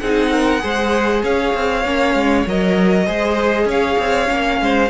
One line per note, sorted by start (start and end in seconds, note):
0.00 0.63 C4
0.00 0.60 D#4
0.00 0.32 G#4
0.00 1.22 F#5
0.32 0.63 A#4
0.60 1.23 G#3
0.60 1.82 G#4
0.60 1.23 C5
1.23 1.54 C#4
1.23 3.06 C#5
1.23 2.47 F5
1.54 1.85 C4
1.85 2.15 A#3
1.85 2.46 C#4
2.15 2.46 G#3
2.47 3.07 F#3
2.47 3.07 A#4
2.47 3.70 D#5
3.06 3.66 G#3
3.06 4.26 G#4
3.06 3.67 C5
3.66 3.96 C#4
3.66 4.60 C#5
3.66 4.90 F5
3.99 4.29 C4
4.26 4.61 A#3
4.26 4.88 C#4
4.61 4.90 G#3
4.61 4.90 C5